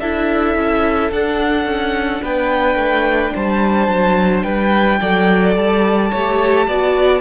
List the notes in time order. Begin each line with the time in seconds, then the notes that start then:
0.00 D4 E4 A4 E5
0.55 C#4
1.11 D4 F#5
1.65 C#4
2.22 B3 B4 G5
2.75 A3
3.34 G3 C5 A5
3.88 F#3
4.43 G3 B4 G5
5.00 F#3 A4 D5
5.56 G3 A5
6.11 A3 G4 C#5
6.67 B3 F#4 D5